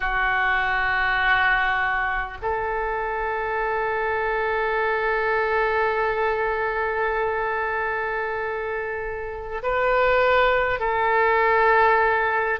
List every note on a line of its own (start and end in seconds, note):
0.00 2.37 F#4
2.42 9.62 A4
9.62 10.79 B4
10.79 12.59 A4